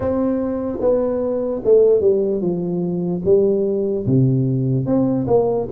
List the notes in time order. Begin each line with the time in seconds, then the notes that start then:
0.00 C4
0.80 B3
1.64 A3
2.00 G3
2.41 F3
3.24 G3
4.06 C3
4.86 C4
5.27 A#3